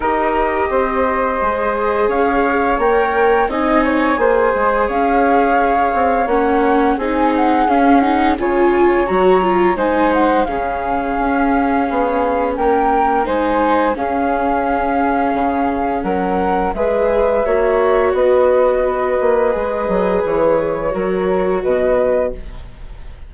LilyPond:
<<
  \new Staff \with { instrumentName = "flute" } { \time 4/4 \tempo 4 = 86 dis''2. f''4 | g''4 gis''2 f''4~ | f''4 fis''4 gis''8 fis''8 f''8 fis''8 | gis''4 ais''4 gis''8 fis''8 f''4~ |
f''2 g''4 gis''4 | f''2. fis''4 | e''2 dis''2~ | dis''4 cis''2 dis''4 | }
  \new Staff \with { instrumentName = "flute" } { \time 4/4 ais'4 c''2 cis''4~ | cis''4 dis''8 cis''8 c''4 cis''4~ | cis''2 gis'2 | cis''2 c''4 gis'4~ |
gis'2 ais'4 c''4 | gis'2. ais'4 | b'4 cis''4 b'2~ | b'2 ais'4 b'4 | }
  \new Staff \with { instrumentName = "viola" } { \time 4/4 g'2 gis'2 | ais'4 dis'4 gis'2~ | gis'4 cis'4 dis'4 cis'8 dis'8 | f'4 fis'8 f'8 dis'4 cis'4~ |
cis'2. dis'4 | cis'1 | gis'4 fis'2. | gis'2 fis'2 | }
  \new Staff \with { instrumentName = "bassoon" } { \time 4/4 dis'4 c'4 gis4 cis'4 | ais4 c'4 ais8 gis8 cis'4~ | cis'8 c'8 ais4 c'4 cis'4 | cis4 fis4 gis4 cis4 |
cis'4 b4 ais4 gis4 | cis'2 cis4 fis4 | gis4 ais4 b4. ais8 | gis8 fis8 e4 fis4 b,4 | }
>>